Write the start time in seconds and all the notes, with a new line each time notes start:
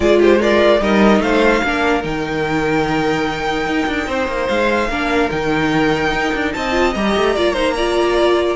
0.00 G#3 F4 G#4 D5
0.19 G4 C5
0.39 F4 A#4 D5
0.81 G3 D#4 A#4 D#5
1.19 A3 C5 F5
1.64 A#3 D4 A#4
2.03 D#3 D#4 G5
3.66 D#4
3.86 D4
4.07 C4 C5
4.27 A#3
4.48 G#3 F5
4.88 A#3 D4 A#4
5.30 D#3 D#4 G5
6.12 D#4
6.34 D4
6.52 C4 D#5 A5
6.71 F4
6.95 G3 G4 A#5
7.16 A3
7.35 A#3 F4 D5
7.53 D#4 C5
7.76 F4 D5